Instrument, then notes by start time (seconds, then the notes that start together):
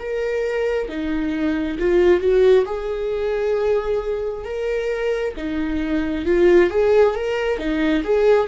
viola
0.00 A#4
0.89 D#4
1.79 F4
2.21 F#4
2.66 G#4
4.45 A#4
5.37 D#4
6.26 F4
6.70 G#4
7.15 A#4
7.59 D#4
8.04 G#4